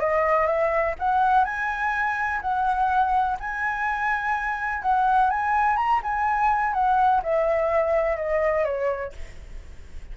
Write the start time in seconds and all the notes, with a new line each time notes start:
0.00 D#5
0.47 E5
0.99 F#5
1.45 G#5
2.42 F#5
3.40 G#5
4.82 F#5
5.31 G#5
5.77 A#5
6.03 G#5
6.74 F#5
7.23 E5
8.17 D#5
8.65 C#5